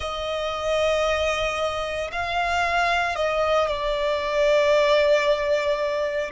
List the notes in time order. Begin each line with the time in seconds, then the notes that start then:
0.00 D#5
2.11 F5
3.15 D#5
3.67 D5